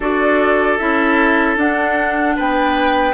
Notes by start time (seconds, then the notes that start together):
0.00 D4 F#4 A4 D5
0.77 C#4 E4 E5
1.56 D4 F#5
2.36 B3 B4 G5